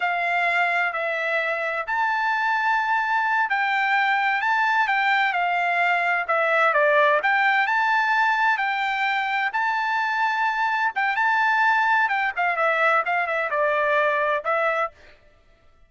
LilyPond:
\new Staff \with { instrumentName = "trumpet" } { \time 4/4 \tempo 4 = 129 f''2 e''2 | a''2.~ a''8 g''8~ | g''4. a''4 g''4 f''8~ | f''4. e''4 d''4 g''8~ |
g''8 a''2 g''4.~ | g''8 a''2. g''8 | a''2 g''8 f''8 e''4 | f''8 e''8 d''2 e''4 | }